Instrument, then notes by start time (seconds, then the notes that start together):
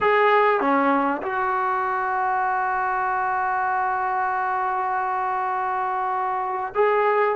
trombone
0.01 G#4
0.60 C#4
1.22 F#4
6.75 G#4